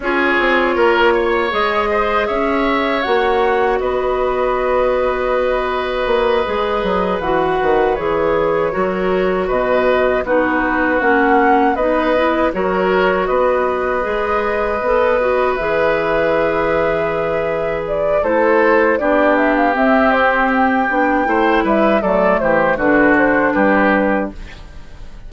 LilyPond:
<<
  \new Staff \with { instrumentName = "flute" } { \time 4/4 \tempo 4 = 79 cis''2 dis''4 e''4 | fis''4 dis''2.~ | dis''4. fis''4 cis''4.~ | cis''8 dis''4 b'4 fis''4 dis''8~ |
dis''8 cis''4 dis''2~ dis''8~ | dis''8 e''2. d''8 | c''4 d''8 e''16 f''16 e''8 c''8 g''4~ | g''8 e''8 d''8 c''8 b'8 c''8 b'4 | }
  \new Staff \with { instrumentName = "oboe" } { \time 4/4 gis'4 ais'8 cis''4 c''8 cis''4~ | cis''4 b'2.~ | b'2.~ b'8 ais'8~ | ais'8 b'4 fis'2 b'8~ |
b'8 ais'4 b'2~ b'8~ | b'1 | a'4 g'2. | c''8 b'8 a'8 g'8 fis'4 g'4 | }
  \new Staff \with { instrumentName = "clarinet" } { \time 4/4 f'2 gis'2 | fis'1~ | fis'8 gis'4 fis'4 gis'4 fis'8~ | fis'4. dis'4 cis'4 dis'8 |
e'8 fis'2 gis'4 a'8 | fis'8 gis'2.~ gis'8 | e'4 d'4 c'4. d'8 | e'4 a4 d'2 | }
  \new Staff \with { instrumentName = "bassoon" } { \time 4/4 cis'8 c'8 ais4 gis4 cis'4 | ais4 b2. | ais8 gis8 fis8 e8 dis8 e4 fis8~ | fis8 b,4 b4 ais4 b8~ |
b8 fis4 b4 gis4 b8~ | b8 e2.~ e8 | a4 b4 c'4. b8 | a8 g8 fis8 e8 d4 g4 | }
>>